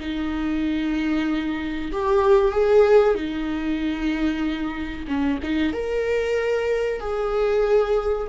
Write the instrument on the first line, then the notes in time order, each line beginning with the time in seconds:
viola
0.00 D#4
1.91 G4
2.51 G#4
3.15 D#4
5.07 C#4
5.43 D#4
5.72 A#4
7.00 G#4